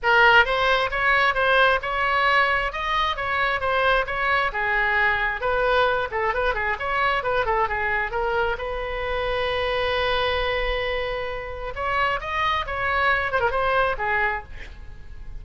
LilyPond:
\new Staff \with { instrumentName = "oboe" } { \time 4/4 \tempo 4 = 133 ais'4 c''4 cis''4 c''4 | cis''2 dis''4 cis''4 | c''4 cis''4 gis'2 | b'4. a'8 b'8 gis'8 cis''4 |
b'8 a'8 gis'4 ais'4 b'4~ | b'1~ | b'2 cis''4 dis''4 | cis''4. c''16 ais'16 c''4 gis'4 | }